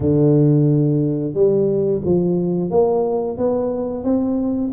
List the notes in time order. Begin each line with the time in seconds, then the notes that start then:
0.00 D3
1.33 G3
2.04 F3
2.70 A#3
3.37 B3
4.04 C4